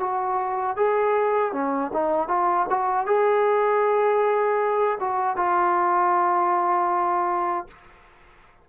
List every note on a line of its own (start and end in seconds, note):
0.00 0.77 F#4
0.77 1.53 G#4
1.53 1.91 C#4
1.93 2.28 D#4
2.28 2.66 F4
2.70 3.06 F#4
3.06 4.99 G#4
5.00 5.37 F#4
5.37 7.67 F4